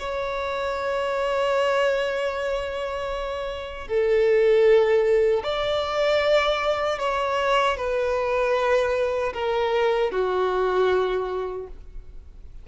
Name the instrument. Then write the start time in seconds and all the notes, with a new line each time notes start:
violin
0.00 C#5
3.88 A4
5.44 D5
7.00 C#5
7.78 B4
9.34 A#4
10.12 F#4